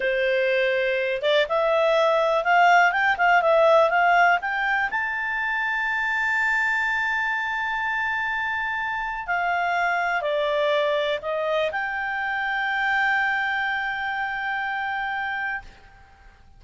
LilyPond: \new Staff \with { instrumentName = "clarinet" } { \time 4/4 \tempo 4 = 123 c''2~ c''8 d''8 e''4~ | e''4 f''4 g''8 f''8 e''4 | f''4 g''4 a''2~ | a''1~ |
a''2. f''4~ | f''4 d''2 dis''4 | g''1~ | g''1 | }